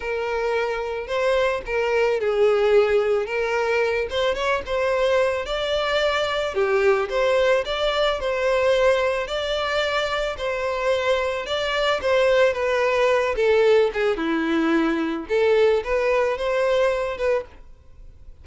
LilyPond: \new Staff \with { instrumentName = "violin" } { \time 4/4 \tempo 4 = 110 ais'2 c''4 ais'4 | gis'2 ais'4. c''8 | cis''8 c''4. d''2 | g'4 c''4 d''4 c''4~ |
c''4 d''2 c''4~ | c''4 d''4 c''4 b'4~ | b'8 a'4 gis'8 e'2 | a'4 b'4 c''4. b'8 | }